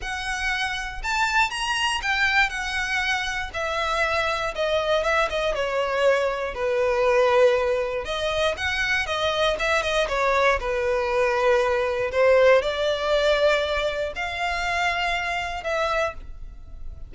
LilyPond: \new Staff \with { instrumentName = "violin" } { \time 4/4 \tempo 4 = 119 fis''2 a''4 ais''4 | g''4 fis''2 e''4~ | e''4 dis''4 e''8 dis''8 cis''4~ | cis''4 b'2. |
dis''4 fis''4 dis''4 e''8 dis''8 | cis''4 b'2. | c''4 d''2. | f''2. e''4 | }